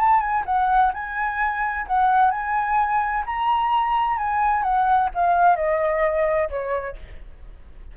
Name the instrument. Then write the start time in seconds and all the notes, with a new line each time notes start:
flute
0.00 A5
0.21 G#5
0.46 F#5
0.94 G#5
1.87 F#5
2.31 G#5
3.26 A#5
4.18 G#5
4.63 F#5
5.14 F5
5.56 D#5
6.50 C#5